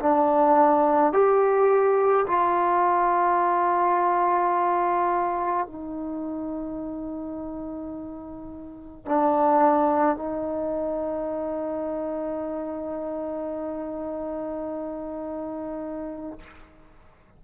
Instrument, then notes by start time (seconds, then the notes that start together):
trombone
0.00 D4
1.13 G4
2.27 F4
5.67 D#4
9.06 D4
10.17 D#4